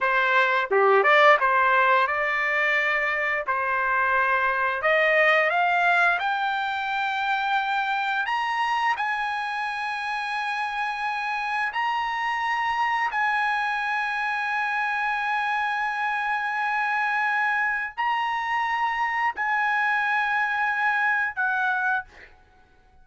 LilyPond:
\new Staff \with { instrumentName = "trumpet" } { \time 4/4 \tempo 4 = 87 c''4 g'8 d''8 c''4 d''4~ | d''4 c''2 dis''4 | f''4 g''2. | ais''4 gis''2.~ |
gis''4 ais''2 gis''4~ | gis''1~ | gis''2 ais''2 | gis''2. fis''4 | }